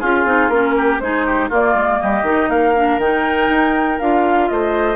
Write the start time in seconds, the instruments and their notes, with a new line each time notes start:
0.00 bassoon C#4, oboe F4, clarinet F4, flute G#4
0.25 bassoon C4, clarinet D#4
0.49 bassoon A#3, clarinet C#4, flute A#4
0.77 oboe G4
0.99 bassoon G#3, clarinet D#4, oboe G#4, flute C5
1.26 oboe G4
1.49 bassoon A#3, clarinet A#3, oboe F4, flute D5
1.74 bassoon G#3
2.01 bassoon G3, oboe G4, flute D#5
2.23 bassoon D#3, clarinet D#4
2.49 bassoon A#3, oboe A#4, flute F5
2.76 clarinet D4
2.98 bassoon D#3, clarinet D#4, flute G5
3.50 bassoon D#4
3.99 bassoon D4, clarinet F4, flute F5
4.48 bassoon A3, oboe C5, flute D#5